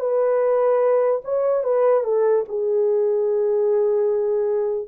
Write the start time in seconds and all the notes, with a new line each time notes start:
0.00 B4
1.25 C#5
1.64 B4
2.05 A4
2.49 G#4